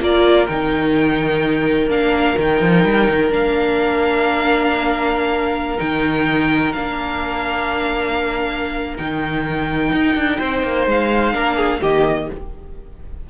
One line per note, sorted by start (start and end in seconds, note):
0.00 0.47 A#3
0.00 0.47 F4
0.00 10.39 A#4
0.00 0.47 D5
0.47 1.87 D#3
0.47 1.89 D#4
0.47 1.88 G5
1.87 2.34 A#3
1.87 2.36 D4
1.87 2.38 F5
2.36 2.61 D#3
2.36 3.30 D#4
2.36 3.33 G5
2.61 2.85 F3
2.85 3.08 G3
3.09 3.30 D#3
3.30 5.78 A#3
3.30 5.78 D4
3.30 5.79 F5
5.78 6.74 D#3
5.78 6.72 D#4
5.78 6.72 G5
6.72 8.99 A#3
6.72 8.96 D4
6.72 8.97 F5
8.96 9.92 D#3
8.96 11.33 D#4
8.96 10.86 G5
9.92 10.15 D#4
10.15 10.38 D4
10.39 10.63 C4
10.39 11.33 C5
10.63 10.86 A#3
10.87 11.34 G#3
10.87 11.82 F5
11.33 11.81 A#3
11.33 11.80 D4
11.33 11.56 A#4
11.56 11.80 G#4
11.80 12.30 D#3
11.80 12.30 A#3
11.80 12.28 G4
11.80 12.29 D#5